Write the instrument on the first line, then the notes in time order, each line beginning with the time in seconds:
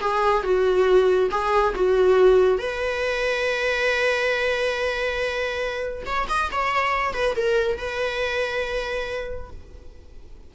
viola
0.00 G#4
0.43 F#4
1.30 G#4
1.74 F#4
2.58 B4
6.06 C#5
6.28 D#5
6.51 C#5
7.13 B4
7.35 A#4
7.77 B4